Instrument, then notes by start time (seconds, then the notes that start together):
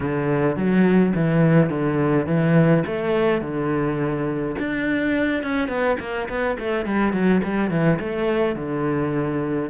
cello
0.00 D3
0.56 F#3
1.15 E3
1.69 D3
2.26 E3
2.86 A3
3.41 D3
4.58 D4
5.43 C#4
5.68 B3
5.99 A#3
6.28 B3
6.59 A3
6.85 G3
7.12 F#3
7.43 G3
7.70 E3
7.99 A3
8.55 D3